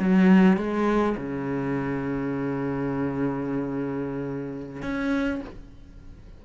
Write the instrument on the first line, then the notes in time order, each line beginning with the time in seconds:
cello
0.00 F#3
0.57 G#3
1.17 C#3
4.82 C#4